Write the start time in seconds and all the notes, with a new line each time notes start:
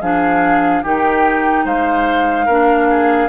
0.00 F3 D4 G#4 F5
0.83 D#3 D#4 G4 G5
1.64 G#3 C5 F5
2.45 A#3 D4 A#4
2.89 G#4